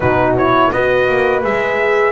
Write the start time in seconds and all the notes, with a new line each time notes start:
0.00 B2 D#4 F#4 B4
0.37 E4 C#5
0.71 B3 F#4 B4 D#5
1.08 A#3
1.42 G#3 G#4 E5